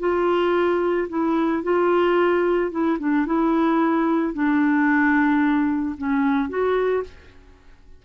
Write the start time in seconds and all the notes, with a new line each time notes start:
0.00 F4
1.09 E4
1.63 F4
2.71 E4
3.00 D4
3.26 E4
4.34 D4
5.98 C#4
6.49 F#4